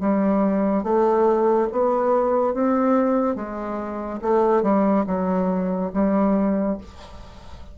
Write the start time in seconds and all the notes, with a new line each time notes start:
0.00 G3
0.83 A3
1.72 B3
2.54 C4
3.35 G#3
4.21 A3
4.62 G3
5.06 F#3
5.93 G3